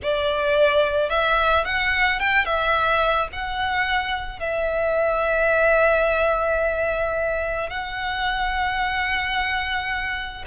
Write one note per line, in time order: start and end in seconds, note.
0.02 1.09 D5
1.09 1.64 E5
1.65 2.19 F#5
2.19 2.45 G5
2.45 3.28 E5
3.32 4.39 F#5
4.39 7.69 E5
7.69 10.44 F#5